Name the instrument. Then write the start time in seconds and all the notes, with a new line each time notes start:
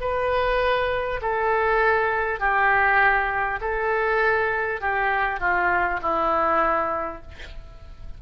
oboe
0.00 B4
1.21 A4
2.39 G4
3.60 A4
4.80 G4
5.40 F4
6.02 E4